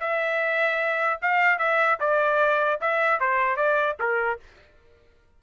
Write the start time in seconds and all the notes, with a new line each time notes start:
0.00 E5
1.22 F5
1.58 E5
2.00 D5
2.81 E5
3.20 C5
3.56 D5
3.99 A#4